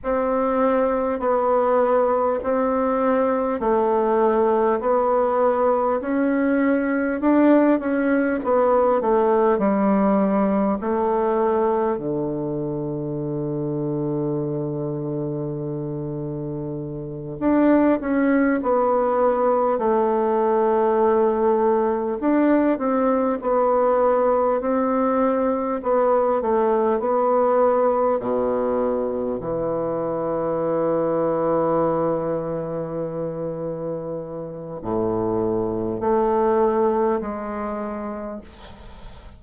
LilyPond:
\new Staff \with { instrumentName = "bassoon" } { \time 4/4 \tempo 4 = 50 c'4 b4 c'4 a4 | b4 cis'4 d'8 cis'8 b8 a8 | g4 a4 d2~ | d2~ d8 d'8 cis'8 b8~ |
b8 a2 d'8 c'8 b8~ | b8 c'4 b8 a8 b4 b,8~ | b,8 e2.~ e8~ | e4 a,4 a4 gis4 | }